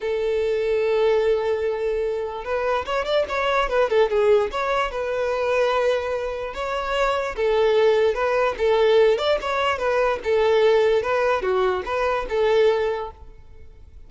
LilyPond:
\new Staff \with { instrumentName = "violin" } { \time 4/4 \tempo 4 = 147 a'1~ | a'2 b'4 cis''8 d''8 | cis''4 b'8 a'8 gis'4 cis''4 | b'1 |
cis''2 a'2 | b'4 a'4. d''8 cis''4 | b'4 a'2 b'4 | fis'4 b'4 a'2 | }